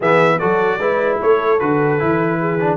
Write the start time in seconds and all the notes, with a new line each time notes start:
0.00 E3 B3 G#4 E5
0.39 F#3 F#4 A4 D5
0.78 G#3 E4 B4
1.20 A3 A4 C#5
1.59 D3 F#4 B4
1.99 E3 E4
2.39 G#4
2.60 D4